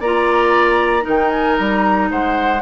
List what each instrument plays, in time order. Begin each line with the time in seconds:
0.00 bassoon A#3, clarinet F4, oboe D5, flute A#5
1.01 bassoon D#3, clarinet D#4, oboe A#4
1.09 flute G5
1.29 flute G#5
1.57 bassoon G3, flute A#5
2.11 bassoon G#3, oboe C5, flute F#5